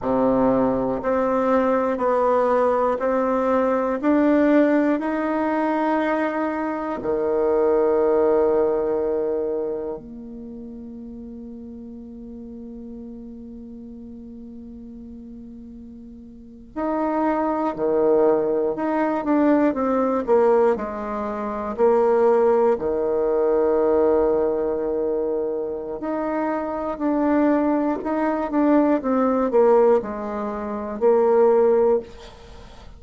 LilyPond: \new Staff \with { instrumentName = "bassoon" } { \time 4/4 \tempo 4 = 60 c4 c'4 b4 c'4 | d'4 dis'2 dis4~ | dis2 ais2~ | ais1~ |
ais8. dis'4 dis4 dis'8 d'8 c'16~ | c'16 ais8 gis4 ais4 dis4~ dis16~ | dis2 dis'4 d'4 | dis'8 d'8 c'8 ais8 gis4 ais4 | }